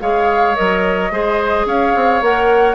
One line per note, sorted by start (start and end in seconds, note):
0.00 0.56 G#3
0.00 0.55 G#4
0.00 1.12 C#5
0.00 0.55 F5
0.55 1.10 F#3
0.55 1.10 A#4
0.55 1.66 D#5
1.10 1.65 G#3
1.10 2.22 G#4
1.10 1.66 C5
1.65 1.93 C#4
1.65 2.75 C#5
1.65 2.23 F5
1.95 2.21 C4
2.21 2.75 A#3
2.21 2.75 A#4
2.21 2.75 F#5